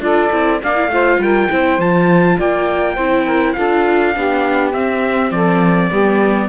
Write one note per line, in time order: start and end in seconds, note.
0.00 0.29 D4
0.00 0.31 F4
0.00 0.61 A4
0.00 0.62 D5
0.32 0.62 C4
0.32 0.61 E4
0.62 0.88 A#3
0.62 0.75 D4
0.62 0.92 D5
0.62 1.22 F5
0.75 0.89 E4
0.88 1.18 A3
0.88 1.50 F4
0.88 1.22 C5
1.19 1.48 G3
1.19 1.51 A#4
1.19 1.80 G5
1.50 1.78 C4
1.50 1.80 E4
1.50 2.37 C5
1.78 2.37 F3
1.78 2.97 F4
1.78 2.39 A5
2.37 2.97 A#3
2.37 2.94 D5
2.37 3.53 G5
2.94 3.56 C4
2.94 3.57 E4
2.94 3.24 C5
3.26 3.55 A#4
3.53 4.16 D4
3.53 4.14 F4
3.53 4.15 A4
3.53 4.70 F5
4.14 4.73 B3
4.14 4.73 D4
4.14 5.32 G4
4.73 5.31 C4
4.73 5.91 C4
4.73 5.31 E5
5.31 5.90 F3
5.31 5.90 A4
5.31 6.48 D5
5.90 6.48 G3
5.90 6.48 B3
5.90 6.48 G4